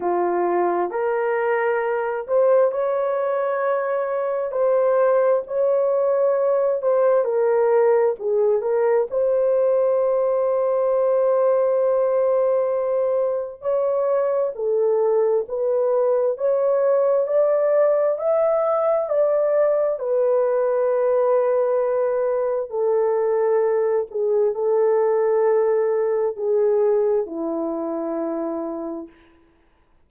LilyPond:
\new Staff \with { instrumentName = "horn" } { \time 4/4 \tempo 4 = 66 f'4 ais'4. c''8 cis''4~ | cis''4 c''4 cis''4. c''8 | ais'4 gis'8 ais'8 c''2~ | c''2. cis''4 |
a'4 b'4 cis''4 d''4 | e''4 d''4 b'2~ | b'4 a'4. gis'8 a'4~ | a'4 gis'4 e'2 | }